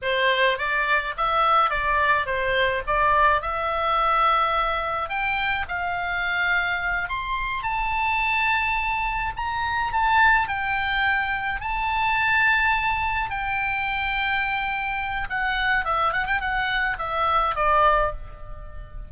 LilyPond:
\new Staff \with { instrumentName = "oboe" } { \time 4/4 \tempo 4 = 106 c''4 d''4 e''4 d''4 | c''4 d''4 e''2~ | e''4 g''4 f''2~ | f''8 c'''4 a''2~ a''8~ |
a''8 ais''4 a''4 g''4.~ | g''8 a''2. g''8~ | g''2. fis''4 | e''8 fis''16 g''16 fis''4 e''4 d''4 | }